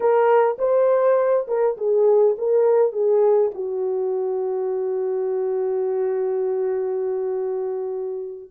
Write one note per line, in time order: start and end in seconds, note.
0.00 0.57 A#4
0.58 1.46 C5
1.47 1.76 A#4
1.77 2.36 G#4
2.37 2.92 A#4
2.92 3.51 G#4
3.54 8.51 F#4